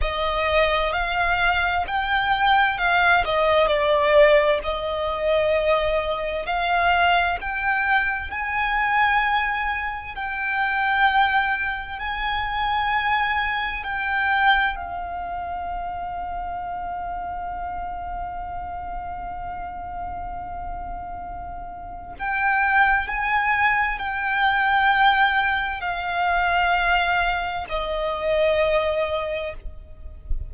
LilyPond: \new Staff \with { instrumentName = "violin" } { \time 4/4 \tempo 4 = 65 dis''4 f''4 g''4 f''8 dis''8 | d''4 dis''2 f''4 | g''4 gis''2 g''4~ | g''4 gis''2 g''4 |
f''1~ | f''1 | g''4 gis''4 g''2 | f''2 dis''2 | }